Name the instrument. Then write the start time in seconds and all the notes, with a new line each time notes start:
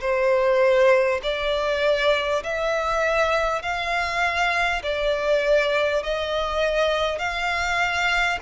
violin
0.00 C5
1.23 D5
2.43 E5
3.62 F5
4.83 D5
6.03 D#5
7.18 F5